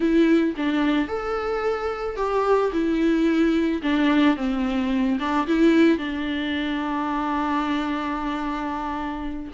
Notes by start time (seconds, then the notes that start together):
0.00 E4
0.57 D4
1.08 A4
2.16 G4
2.72 E4
3.82 D4
4.36 C4
5.19 D4
5.47 E4
5.98 D4